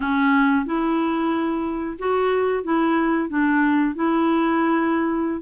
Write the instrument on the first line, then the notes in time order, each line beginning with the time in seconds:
clarinet
0.00 C#4
0.65 E4
1.98 F#4
2.63 E4
3.29 D4
3.95 E4